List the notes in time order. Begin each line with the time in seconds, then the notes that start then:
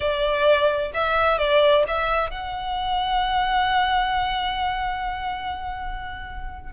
0.00 D5
0.94 E5
1.37 D5
1.87 E5
2.30 F#5